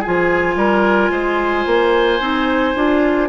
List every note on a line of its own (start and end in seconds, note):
0.00 2.20 F4
0.00 0.55 G#4
0.00 3.29 G#5
0.07 0.55 F3
0.55 1.10 G3
0.55 1.11 A#4
1.10 1.65 G#3
1.10 3.29 C5
1.66 2.20 A#3
2.20 2.74 C4
2.20 2.75 D#4
2.75 3.29 D4
2.75 3.29 F4